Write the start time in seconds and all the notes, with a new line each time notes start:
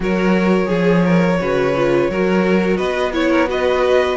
0.00 F#3 F#4 A#4 C#5
0.65 F3 G#4
1.04 A#4
1.39 C#3 F#4 B4
1.76 F4
2.09 F#3 F#4 A#4
2.77 B3 B4 D#5
3.12 E4 C#5
3.30 A#4
3.47 F#4 B4 D#5